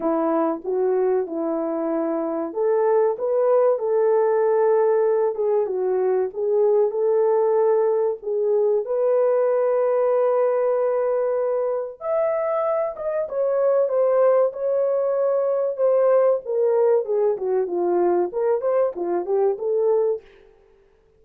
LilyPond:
\new Staff \with { instrumentName = "horn" } { \time 4/4 \tempo 4 = 95 e'4 fis'4 e'2 | a'4 b'4 a'2~ | a'8 gis'8 fis'4 gis'4 a'4~ | a'4 gis'4 b'2~ |
b'2. e''4~ | e''8 dis''8 cis''4 c''4 cis''4~ | cis''4 c''4 ais'4 gis'8 fis'8 | f'4 ais'8 c''8 f'8 g'8 a'4 | }